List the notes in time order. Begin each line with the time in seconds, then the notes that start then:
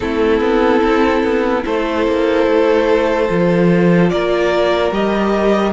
0.00 A3 C4 E4 A4
0.40 B3
0.83 C4
1.23 B3
1.63 A3 E4 A4 C5
2.07 A#3
2.47 A3
3.29 F3 F4
4.09 A#3 A#4 D5
4.91 G3 G4 D#5